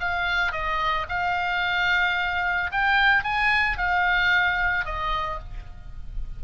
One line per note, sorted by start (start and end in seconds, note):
0.00 0.52 F5
0.52 1.06 D#5
1.09 2.71 F5
2.71 3.24 G5
3.24 3.78 G#5
3.78 4.86 F5
4.86 5.40 D#5